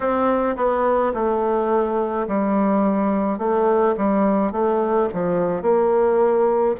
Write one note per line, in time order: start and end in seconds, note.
0.00 0.56 C4
0.56 1.13 B3
1.14 2.27 A3
2.27 3.38 G3
3.38 3.95 A3
3.97 4.51 G3
4.51 5.08 A3
5.13 5.61 F3
5.61 6.75 A#3